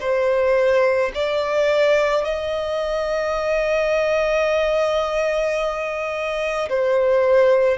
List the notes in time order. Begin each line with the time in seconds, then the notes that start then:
0.00 C5
1.14 D5
2.24 D#5
6.69 C5